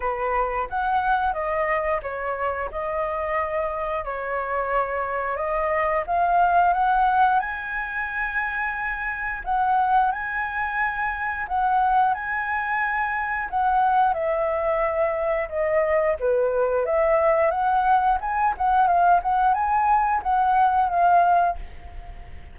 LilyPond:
\new Staff \with { instrumentName = "flute" } { \time 4/4 \tempo 4 = 89 b'4 fis''4 dis''4 cis''4 | dis''2 cis''2 | dis''4 f''4 fis''4 gis''4~ | gis''2 fis''4 gis''4~ |
gis''4 fis''4 gis''2 | fis''4 e''2 dis''4 | b'4 e''4 fis''4 gis''8 fis''8 | f''8 fis''8 gis''4 fis''4 f''4 | }